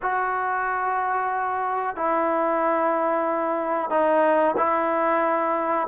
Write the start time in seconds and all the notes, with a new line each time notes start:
0.01 F#4
1.96 E4
3.90 D#4
4.57 E4